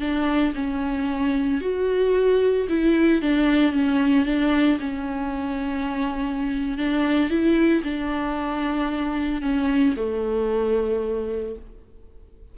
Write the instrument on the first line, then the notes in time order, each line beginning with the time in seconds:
viola
0.00 D4
0.54 C#4
1.60 F#4
2.68 E4
3.21 D4
3.72 C#4
4.25 D4
4.79 C#4
6.77 D4
7.29 E4
7.83 D4
9.41 C#4
9.96 A3